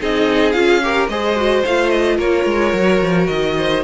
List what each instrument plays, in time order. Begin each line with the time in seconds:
0.00 cello C4, viola D#4, violin G#4 D#5
0.52 cello C#4, viola F4, violin F5
0.82 viola G4, violin A#4
1.08 cello G#3, viola G#4, violin C5 D#5
1.36 viola F#4
1.65 cello A3, viola F4, violin F5
1.90 violin D#5
2.17 cello A#3, violin A#4 C#5
2.45 cello G#3
2.73 cello F#3
2.79 viola F#4
3.01 cello F3
3.27 cello D#3, violin D#5
3.57 violin C5